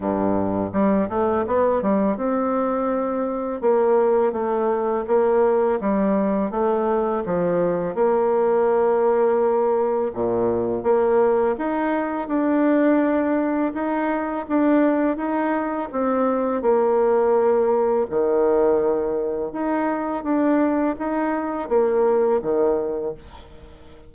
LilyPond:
\new Staff \with { instrumentName = "bassoon" } { \time 4/4 \tempo 4 = 83 g,4 g8 a8 b8 g8 c'4~ | c'4 ais4 a4 ais4 | g4 a4 f4 ais4~ | ais2 ais,4 ais4 |
dis'4 d'2 dis'4 | d'4 dis'4 c'4 ais4~ | ais4 dis2 dis'4 | d'4 dis'4 ais4 dis4 | }